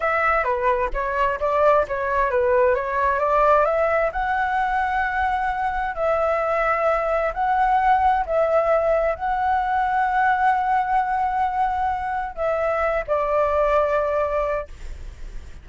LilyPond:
\new Staff \with { instrumentName = "flute" } { \time 4/4 \tempo 4 = 131 e''4 b'4 cis''4 d''4 | cis''4 b'4 cis''4 d''4 | e''4 fis''2.~ | fis''4 e''2. |
fis''2 e''2 | fis''1~ | fis''2. e''4~ | e''8 d''2.~ d''8 | }